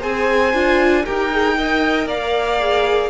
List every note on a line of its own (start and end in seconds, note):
0.00 0.54 C4
0.00 0.53 G#4
0.00 1.03 C5
0.00 1.06 G#5
0.54 1.05 D4
0.54 1.06 F4
1.06 2.06 D#4
1.06 1.31 G4
1.06 1.57 A#4
1.06 2.09 G5
1.31 1.57 G#4
1.57 2.60 A#4
1.57 2.07 D#5
2.06 3.10 A#3
2.06 3.10 D5
2.06 3.10 F5
2.60 3.10 G#4